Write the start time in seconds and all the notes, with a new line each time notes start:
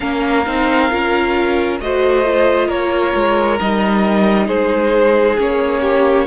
0.00 A#3 C#4 A#4 F5
0.46 C4 D#4
0.90 C#4 F4
1.79 A3 F#4 C5 D#5
2.24 F4
2.67 A#3 A#4 C#5
3.15 G#3
3.60 G3 D#4 D#5
4.47 G#3 G#4 C5
5.37 A#3 C#4 C#5
5.81 G4